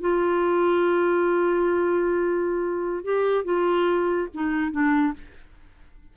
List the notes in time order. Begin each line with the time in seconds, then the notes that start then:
0.00 F4
3.04 G4
3.44 F4
4.34 D#4
4.71 D4